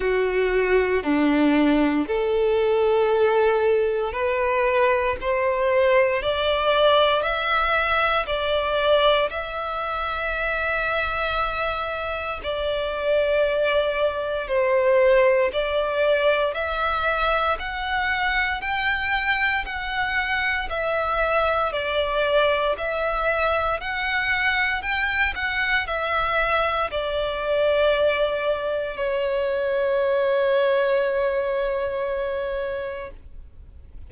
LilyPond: \new Staff \with { instrumentName = "violin" } { \time 4/4 \tempo 4 = 58 fis'4 d'4 a'2 | b'4 c''4 d''4 e''4 | d''4 e''2. | d''2 c''4 d''4 |
e''4 fis''4 g''4 fis''4 | e''4 d''4 e''4 fis''4 | g''8 fis''8 e''4 d''2 | cis''1 | }